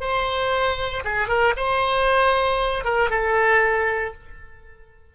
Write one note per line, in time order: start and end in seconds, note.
0.00 1.03 C5
1.04 1.28 G#4
1.28 1.54 A#4
1.56 2.84 C5
2.84 3.10 A#4
3.10 4.13 A4